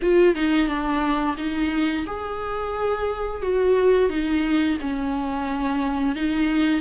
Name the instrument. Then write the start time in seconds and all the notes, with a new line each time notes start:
viola
0.02 F4
0.35 D#4
0.67 D4
1.37 D#4
2.06 G#4
3.42 F#4
4.09 D#4
4.80 C#4
6.15 D#4